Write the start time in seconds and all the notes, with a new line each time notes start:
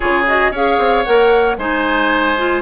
0.00 C#3 F4 G#4 C#5
0.26 F#4 D#5
0.50 C#4 G#4 C#5 F5
0.78 C4
1.04 A#3 A#4 F#5
1.57 G#3 D#4 C5 G#5
2.37 F4